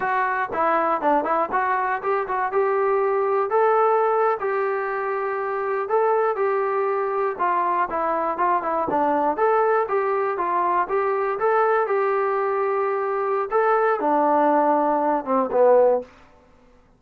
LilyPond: \new Staff \with { instrumentName = "trombone" } { \time 4/4 \tempo 4 = 120 fis'4 e'4 d'8 e'8 fis'4 | g'8 fis'8 g'2 a'4~ | a'8. g'2. a'16~ | a'8. g'2 f'4 e'16~ |
e'8. f'8 e'8 d'4 a'4 g'16~ | g'8. f'4 g'4 a'4 g'16~ | g'2. a'4 | d'2~ d'8 c'8 b4 | }